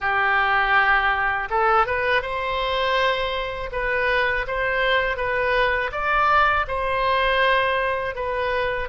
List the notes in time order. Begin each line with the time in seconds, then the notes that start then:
0.00 G4
1.50 A4
1.86 B4
2.22 C5
3.71 B4
4.46 C5
5.16 B4
5.92 D5
6.67 C5
8.15 B4